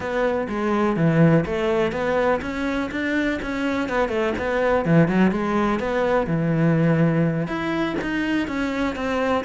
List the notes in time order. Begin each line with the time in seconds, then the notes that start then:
0.00 B3
0.49 G#3
0.96 E3
1.45 A3
1.92 B3
2.41 C#4
2.91 D4
3.42 C#4
3.88 B3
4.09 A3
4.38 B3
4.85 E3
5.08 F#3
5.31 G#3
5.79 B3
6.27 E3
7.47 E4
8.01 D#4
8.47 C#4
8.95 C4